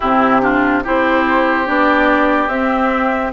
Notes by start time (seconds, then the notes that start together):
0.00 C3 C4 E4 G4
0.41 D4 F4
0.83 C4 E4 G4 C5
1.65 B3 D4 D5
2.48 C4 E5